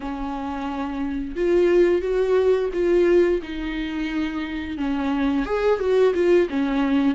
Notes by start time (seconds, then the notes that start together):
0.00 C#4
1.35 F4
2.01 F#4
2.73 F4
3.42 D#4
4.77 C#4
5.45 G#4
5.79 F#4
6.14 F4
6.49 C#4